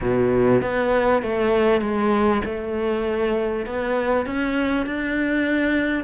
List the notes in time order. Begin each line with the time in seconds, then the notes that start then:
0.01 B2
0.61 B3
1.22 A3
1.81 G#3
2.45 A3
3.65 B3
4.26 C#4
4.86 D4